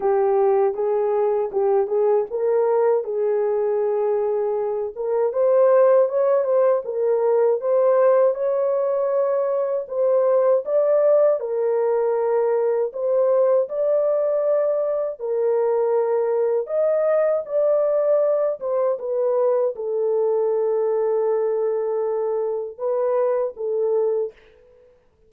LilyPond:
\new Staff \with { instrumentName = "horn" } { \time 4/4 \tempo 4 = 79 g'4 gis'4 g'8 gis'8 ais'4 | gis'2~ gis'8 ais'8 c''4 | cis''8 c''8 ais'4 c''4 cis''4~ | cis''4 c''4 d''4 ais'4~ |
ais'4 c''4 d''2 | ais'2 dis''4 d''4~ | d''8 c''8 b'4 a'2~ | a'2 b'4 a'4 | }